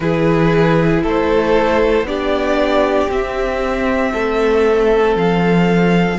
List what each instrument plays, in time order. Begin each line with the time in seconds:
0.00 cello E3, viola E4, violin G#4 B4
1.02 cello A3, violin A4 C5
2.02 cello B3, viola D4, violin G4 D5
3.09 cello C4, viola C4, violin E5
4.12 cello A3, violin A4
5.15 cello F3, violin F5